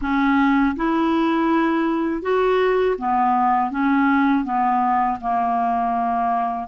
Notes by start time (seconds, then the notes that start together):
0.01 C#4
0.76 E4
2.22 F#4
2.98 B3
3.70 C#4
4.44 B3
5.21 A#3